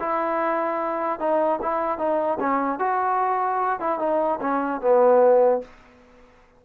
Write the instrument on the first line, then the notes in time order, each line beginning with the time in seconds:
trombone
0.00 E4
1.19 D#4
1.62 E4
1.98 D#4
2.40 C#4
2.79 F#4
3.80 E4
3.99 D#4
4.41 C#4
4.81 B3